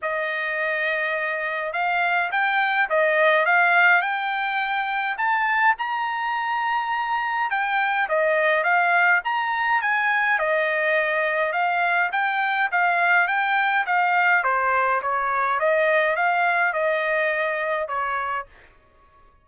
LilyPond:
\new Staff \with { instrumentName = "trumpet" } { \time 4/4 \tempo 4 = 104 dis''2. f''4 | g''4 dis''4 f''4 g''4~ | g''4 a''4 ais''2~ | ais''4 g''4 dis''4 f''4 |
ais''4 gis''4 dis''2 | f''4 g''4 f''4 g''4 | f''4 c''4 cis''4 dis''4 | f''4 dis''2 cis''4 | }